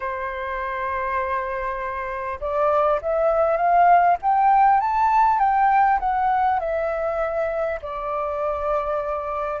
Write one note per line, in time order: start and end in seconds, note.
0.00 2.39 C5
2.40 3.00 D5
3.01 3.56 E5
3.56 4.16 F5
4.22 4.80 G5
4.80 5.39 A5
5.39 5.99 G5
5.99 6.59 F#5
6.59 7.79 E5
7.82 9.60 D5